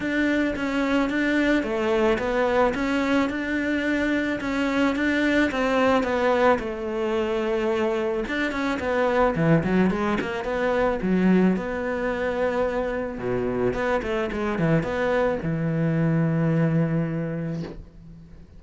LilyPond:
\new Staff \with { instrumentName = "cello" } { \time 4/4 \tempo 4 = 109 d'4 cis'4 d'4 a4 | b4 cis'4 d'2 | cis'4 d'4 c'4 b4 | a2. d'8 cis'8 |
b4 e8 fis8 gis8 ais8 b4 | fis4 b2. | b,4 b8 a8 gis8 e8 b4 | e1 | }